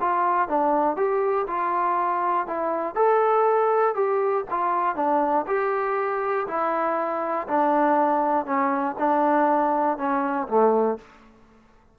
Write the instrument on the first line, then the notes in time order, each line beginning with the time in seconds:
trombone
0.00 F4
0.48 D4
0.96 G4
1.47 F4
2.47 E4
2.95 A4
3.94 G4
4.50 F4
4.95 D4
5.46 G4
6.47 E4
7.47 D4
8.45 C#4
8.98 D4
9.97 C#4
10.47 A3